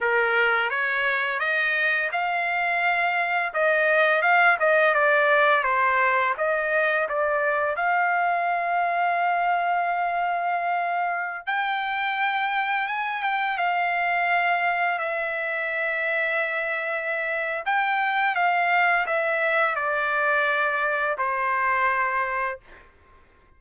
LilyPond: \new Staff \with { instrumentName = "trumpet" } { \time 4/4 \tempo 4 = 85 ais'4 cis''4 dis''4 f''4~ | f''4 dis''4 f''8 dis''8 d''4 | c''4 dis''4 d''4 f''4~ | f''1~ |
f''16 g''2 gis''8 g''8 f''8.~ | f''4~ f''16 e''2~ e''8.~ | e''4 g''4 f''4 e''4 | d''2 c''2 | }